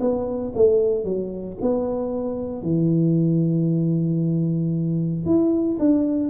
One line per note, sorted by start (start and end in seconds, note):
0.00 0.53 B3
0.55 1.04 A3
1.04 1.57 F#3
1.61 2.62 B3
2.62 5.25 E3
5.25 5.78 E4
5.79 6.30 D4